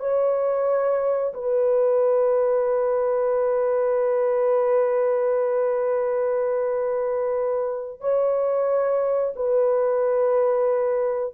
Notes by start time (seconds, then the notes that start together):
0.00 C#5
1.34 B4
8.01 C#5
9.36 B4